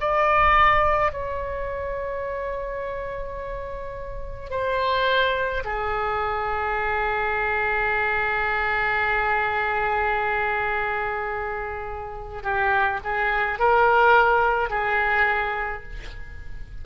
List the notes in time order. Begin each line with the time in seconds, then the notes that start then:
0.00 D5
1.12 C#5
4.50 C5
5.64 G#4
12.43 G4
13.03 G#4
13.58 A#4
14.70 G#4